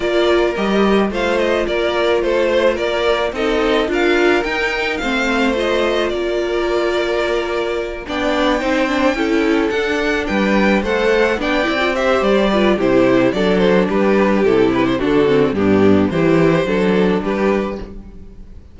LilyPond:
<<
  \new Staff \with { instrumentName = "violin" } { \time 4/4 \tempo 4 = 108 d''4 dis''4 f''8 dis''8 d''4 | c''4 d''4 dis''4 f''4 | g''4 f''4 dis''4 d''4~ | d''2~ d''8 g''4.~ |
g''4. fis''4 g''4 fis''8~ | fis''8 g''4 e''8 d''4 c''4 | d''8 c''8 b'4 a'8 b'16 c''16 a'4 | g'4 c''2 b'4 | }
  \new Staff \with { instrumentName = "violin" } { \time 4/4 ais'2 c''4 ais'4 | a'8 c''8 ais'4 a'4 ais'4~ | ais'4 c''2 ais'4~ | ais'2~ ais'8 d''4 c''8~ |
c''8 a'2 b'4 c''8~ | c''8 d''4 c''4 b'8 g'4 | a'4 g'2 fis'4 | d'4 g'4 a'4 g'4 | }
  \new Staff \with { instrumentName = "viola" } { \time 4/4 f'4 g'4 f'2~ | f'2 dis'4 f'4 | dis'4 c'4 f'2~ | f'2~ f'8 d'4 dis'8 |
d'8 e'4 d'2 a'8~ | a'8 d'8 e'16 f'16 g'4 f'8 e'4 | d'2 e'4 d'8 c'8 | b4 e'4 d'2 | }
  \new Staff \with { instrumentName = "cello" } { \time 4/4 ais4 g4 a4 ais4 | a4 ais4 c'4 d'4 | dis'4 a2 ais4~ | ais2~ ais8 b4 c'8~ |
c'8 cis'4 d'4 g4 a8~ | a8 b8 c'4 g4 c4 | fis4 g4 c4 d4 | g,4 e4 fis4 g4 | }
>>